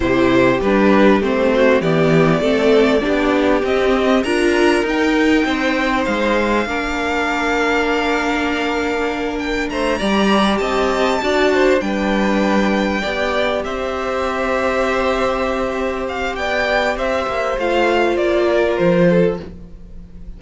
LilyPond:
<<
  \new Staff \with { instrumentName = "violin" } { \time 4/4 \tempo 4 = 99 c''4 b'4 c''4 d''4~ | d''2 dis''4 ais''4 | g''2 f''2~ | f''2.~ f''8 g''8 |
ais''4. a''2 g''8~ | g''2~ g''8 e''4.~ | e''2~ e''8 f''8 g''4 | e''4 f''4 d''4 c''4 | }
  \new Staff \with { instrumentName = "violin" } { \time 4/4 g'2~ g'8 fis'8 g'4 | a'4 g'2 ais'4~ | ais'4 c''2 ais'4~ | ais'1 |
c''8 d''4 dis''4 d''8 c''8 b'8~ | b'4. d''4 c''4.~ | c''2. d''4 | c''2~ c''8 ais'4 a'8 | }
  \new Staff \with { instrumentName = "viola" } { \time 4/4 e'4 d'4 c'4 b4 | c'4 d'4 c'4 f'4 | dis'2. d'4~ | d'1~ |
d'8 g'2 fis'4 d'8~ | d'4. g'2~ g'8~ | g'1~ | g'4 f'2. | }
  \new Staff \with { instrumentName = "cello" } { \time 4/4 c4 g4 a4 e4 | a4 b4 c'4 d'4 | dis'4 c'4 gis4 ais4~ | ais1 |
a8 g4 c'4 d'4 g8~ | g4. b4 c'4.~ | c'2. b4 | c'8 ais8 a4 ais4 f4 | }
>>